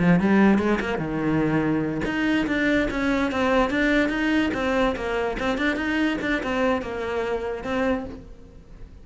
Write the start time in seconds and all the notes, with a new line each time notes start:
0.00 F3
0.20 G3
0.59 G#3
0.81 A#3
0.98 D#3
2.06 D#4
2.47 D4
2.91 C#4
3.32 C4
3.71 D4
4.10 D#4
4.54 C4
4.96 A#3
5.40 C4
5.58 D4
5.77 D#4
6.22 D4
6.43 C4
6.82 A#3
7.64 C4